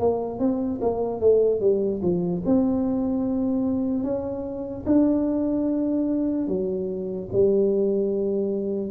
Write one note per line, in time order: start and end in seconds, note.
0.00 0.40 A#3
0.40 0.80 C4
0.81 1.21 A#3
1.21 1.61 A3
1.61 2.01 G3
2.03 2.43 F3
2.46 4.04 C4
4.04 4.85 C#4
4.86 6.48 D4
6.48 7.29 F#3
7.33 8.91 G3